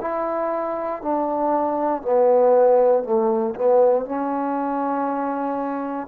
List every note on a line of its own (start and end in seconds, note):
0.00 1.02 E4
1.02 2.02 D4
2.02 3.03 B3
3.03 3.54 A3
3.55 4.05 B3
4.05 6.07 C#4